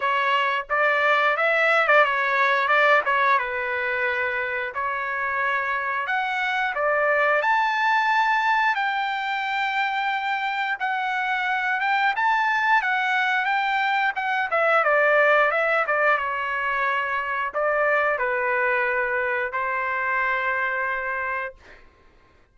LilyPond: \new Staff \with { instrumentName = "trumpet" } { \time 4/4 \tempo 4 = 89 cis''4 d''4 e''8. d''16 cis''4 | d''8 cis''8 b'2 cis''4~ | cis''4 fis''4 d''4 a''4~ | a''4 g''2. |
fis''4. g''8 a''4 fis''4 | g''4 fis''8 e''8 d''4 e''8 d''8 | cis''2 d''4 b'4~ | b'4 c''2. | }